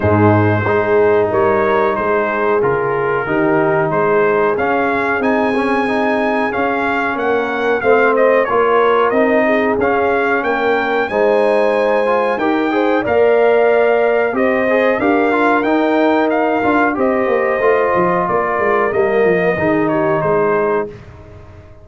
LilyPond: <<
  \new Staff \with { instrumentName = "trumpet" } { \time 4/4 \tempo 4 = 92 c''2 cis''4 c''4 | ais'2 c''4 f''4 | gis''2 f''4 fis''4 | f''8 dis''8 cis''4 dis''4 f''4 |
g''4 gis''2 g''4 | f''2 dis''4 f''4 | g''4 f''4 dis''2 | d''4 dis''4. cis''8 c''4 | }
  \new Staff \with { instrumentName = "horn" } { \time 4/4 dis'4 gis'4 ais'4 gis'4~ | gis'4 g'4 gis'2~ | gis'2. ais'4 | c''4 ais'4. gis'4. |
ais'4 c''2 ais'8 c''8 | d''2 c''4 ais'4~ | ais'2 c''2 | ais'2 gis'8 g'8 gis'4 | }
  \new Staff \with { instrumentName = "trombone" } { \time 4/4 gis4 dis'2. | f'4 dis'2 cis'4 | dis'8 cis'8 dis'4 cis'2 | c'4 f'4 dis'4 cis'4~ |
cis'4 dis'4. f'8 g'8 gis'8 | ais'2 g'8 gis'8 g'8 f'8 | dis'4. f'8 g'4 f'4~ | f'4 ais4 dis'2 | }
  \new Staff \with { instrumentName = "tuba" } { \time 4/4 gis,4 gis4 g4 gis4 | cis4 dis4 gis4 cis'4 | c'2 cis'4 ais4 | a4 ais4 c'4 cis'4 |
ais4 gis2 dis'4 | ais2 c'4 d'4 | dis'4. d'8 c'8 ais8 a8 f8 | ais8 gis8 g8 f8 dis4 gis4 | }
>>